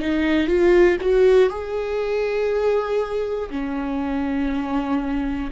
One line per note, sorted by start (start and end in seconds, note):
0.00 0.48 D#4
0.48 0.98 F4
1.01 1.50 F#4
1.50 3.50 G#4
3.51 5.51 C#4